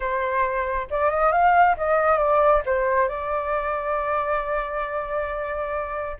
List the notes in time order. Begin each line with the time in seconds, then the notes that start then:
0.00 C5
0.90 D5
1.10 D#5
1.32 F5
1.77 D#5
2.17 D5
2.65 C5
3.08 D5